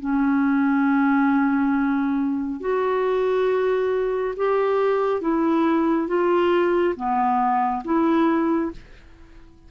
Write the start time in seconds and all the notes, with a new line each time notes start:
0.00 C#4
2.60 F#4
4.36 G4
5.21 E4
6.08 F4
6.96 B3
7.84 E4